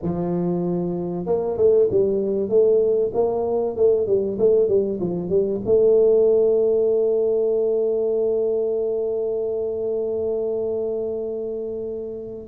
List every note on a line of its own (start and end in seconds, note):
0.02 1.26 F3
1.26 1.57 A#3
1.57 1.88 A3
1.90 2.49 G3
2.49 3.11 A3
3.13 3.76 A#3
3.76 4.07 A3
4.07 4.38 G3
4.38 4.68 A3
4.68 4.99 G3
5.00 5.29 F3
5.29 5.60 G3
5.65 12.47 A3